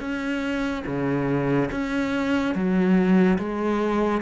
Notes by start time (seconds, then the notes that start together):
0.00 C#4
0.86 C#3
1.71 C#4
2.55 F#3
3.38 G#3